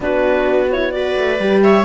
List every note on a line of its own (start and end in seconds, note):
0.00 1.15 B3
0.00 0.70 D4
0.00 0.95 F#4
0.00 0.72 B4
0.72 0.92 E4
0.72 0.91 C#5
0.91 1.39 F#4
0.91 1.64 B4
0.91 1.61 D5
1.17 1.39 A3
1.39 1.85 G3
1.39 1.85 G4
1.62 1.85 C#5
1.62 1.85 E5